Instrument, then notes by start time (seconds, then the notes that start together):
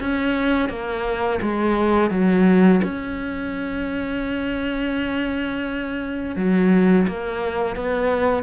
cello
0.00 C#4
0.69 A#3
1.41 G#3
2.10 F#3
2.84 C#4
6.36 F#3
7.07 A#3
7.76 B3